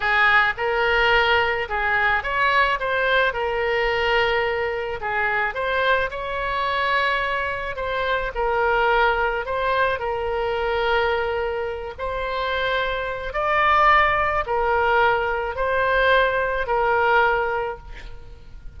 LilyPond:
\new Staff \with { instrumentName = "oboe" } { \time 4/4 \tempo 4 = 108 gis'4 ais'2 gis'4 | cis''4 c''4 ais'2~ | ais'4 gis'4 c''4 cis''4~ | cis''2 c''4 ais'4~ |
ais'4 c''4 ais'2~ | ais'4. c''2~ c''8 | d''2 ais'2 | c''2 ais'2 | }